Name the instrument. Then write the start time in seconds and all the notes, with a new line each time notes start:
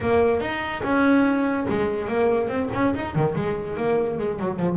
double bass
0.00 A#3
0.40 D#4
0.83 C#4
1.69 G#3
2.08 A#3
2.48 C4
2.73 C#4
2.94 D#4
3.15 D#3
3.35 G#3
3.77 A#3
4.18 G#3
4.39 F#3
4.59 F3